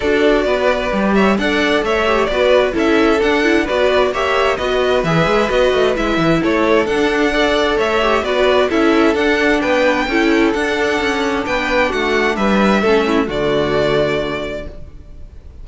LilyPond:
<<
  \new Staff \with { instrumentName = "violin" } { \time 4/4 \tempo 4 = 131 d''2~ d''8 e''8 fis''4 | e''4 d''4 e''4 fis''4 | d''4 e''4 dis''4 e''4 | dis''4 e''4 cis''4 fis''4~ |
fis''4 e''4 d''4 e''4 | fis''4 g''2 fis''4~ | fis''4 g''4 fis''4 e''4~ | e''4 d''2. | }
  \new Staff \with { instrumentName = "violin" } { \time 4/4 a'4 b'4. cis''8 d''4 | cis''4 b'4 a'2 | b'4 cis''4 b'2~ | b'2 a'2 |
d''4 cis''4 b'4 a'4~ | a'4 b'4 a'2~ | a'4 b'4 fis'4 b'4 | a'8 e'8 fis'2. | }
  \new Staff \with { instrumentName = "viola" } { \time 4/4 fis'2 g'4 a'4~ | a'8 g'8 fis'4 e'4 d'8 e'8 | fis'4 g'4 fis'4 gis'4 | fis'4 e'2 d'4 |
a'4. g'8 fis'4 e'4 | d'2 e'4 d'4~ | d'1 | cis'4 a2. | }
  \new Staff \with { instrumentName = "cello" } { \time 4/4 d'4 b4 g4 d'4 | a4 b4 cis'4 d'4 | b4 ais4 b4 e8 gis8 | b8 a8 gis8 e8 a4 d'4~ |
d'4 a4 b4 cis'4 | d'4 b4 cis'4 d'4 | cis'4 b4 a4 g4 | a4 d2. | }
>>